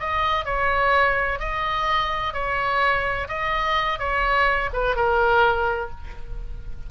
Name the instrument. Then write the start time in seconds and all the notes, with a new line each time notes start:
oboe
0.00 D#5
0.45 C#5
1.39 D#5
2.34 C#5
3.28 D#5
3.99 C#5
4.73 B4
4.96 A#4